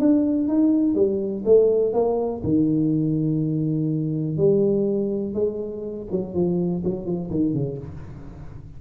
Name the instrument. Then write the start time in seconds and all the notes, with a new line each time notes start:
tuba
0.00 D4
0.49 D#4
0.95 G3
1.46 A3
1.94 A#3
2.44 D#3
4.38 G3
5.34 G#3
6.12 F#3
6.34 F3
6.85 F#3
7.06 F3
7.31 D#3
7.54 C#3